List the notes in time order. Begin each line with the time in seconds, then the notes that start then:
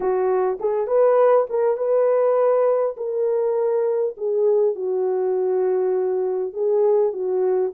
0.00 F#4
0.59 G#4
0.87 B4
1.49 A#4
1.77 B4
2.96 A#4
4.17 G#4
4.75 F#4
6.53 G#4
7.12 F#4